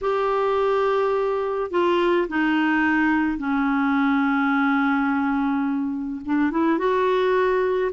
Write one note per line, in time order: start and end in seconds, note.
0.01 1.70 G4
1.70 2.27 F4
2.28 3.38 D#4
3.38 6.21 C#4
6.25 6.50 D4
6.50 6.78 E4
6.78 7.91 F#4